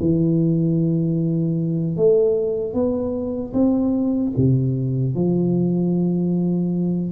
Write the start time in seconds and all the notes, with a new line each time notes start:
0.00 E3
1.97 A3
2.74 B3
3.53 C4
4.37 C3
5.15 F3